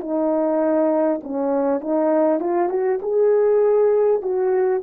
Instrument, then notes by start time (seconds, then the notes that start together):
horn
0.00 D#4
1.23 C#4
1.81 D#4
2.40 F4
2.69 F#4
3.02 G#4
4.22 F#4